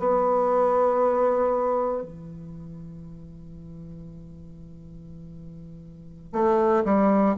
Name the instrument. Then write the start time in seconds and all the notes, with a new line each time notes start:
bassoon
0.00 B3
2.03 E3
6.33 A3
6.85 G3